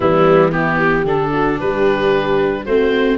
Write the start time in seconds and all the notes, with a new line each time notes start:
0.00 E3 G3 B3 E4
0.52 B3 E4 G4
0.77 G4
1.04 D3 D4 A4
1.33 F#4
1.59 G3 G4 B4
2.64 A3 C4 F#4 C5